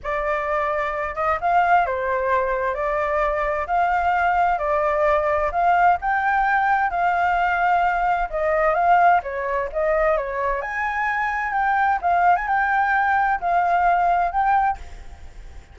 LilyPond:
\new Staff \with { instrumentName = "flute" } { \time 4/4 \tempo 4 = 130 d''2~ d''8 dis''8 f''4 | c''2 d''2 | f''2 d''2 | f''4 g''2 f''4~ |
f''2 dis''4 f''4 | cis''4 dis''4 cis''4 gis''4~ | gis''4 g''4 f''8. gis''16 g''4~ | g''4 f''2 g''4 | }